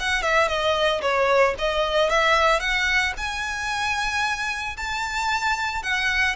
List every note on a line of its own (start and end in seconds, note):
0.00 0.23 F#5
0.23 0.49 E5
0.49 1.02 D#5
1.02 1.55 C#5
1.59 2.10 D#5
2.10 2.61 E5
2.61 3.14 F#5
3.18 4.77 G#5
4.77 5.83 A5
5.83 6.36 F#5